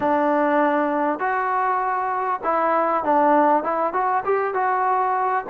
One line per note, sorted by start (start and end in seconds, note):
0.00 1.19 D4
1.19 2.40 F#4
2.43 3.03 E4
3.03 3.63 D4
3.63 3.93 E4
3.93 4.23 F#4
4.24 4.53 G4
4.53 5.44 F#4